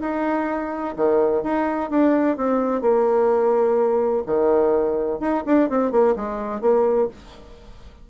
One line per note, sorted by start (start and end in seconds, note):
0.00 0.94 D#4
0.96 1.43 D#3
1.43 1.90 D#4
1.90 2.37 D4
2.37 2.81 C4
2.81 4.23 A#3
4.26 5.20 D#3
5.20 5.43 D#4
5.45 5.69 D4
5.69 5.91 C4
5.91 6.15 A#3
6.16 6.61 G#3
6.61 7.08 A#3